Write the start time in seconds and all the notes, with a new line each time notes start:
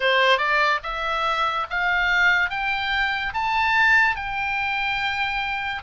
0.00 C5
0.37 D5
0.83 E5
1.69 F5
2.50 G5
3.33 A5
4.15 G5